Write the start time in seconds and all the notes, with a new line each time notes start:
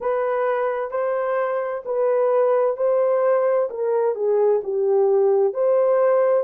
0.00 B4
0.91 C5
1.85 B4
2.77 C5
3.69 A#4
4.15 G#4
4.63 G4
5.53 C5